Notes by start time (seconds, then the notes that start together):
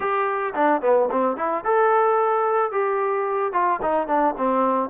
0.00 G4
0.54 D4
0.81 B3
1.11 C4
1.37 E4
1.64 A4
2.71 G4
3.52 F4
3.82 D#4
4.07 D4
4.37 C4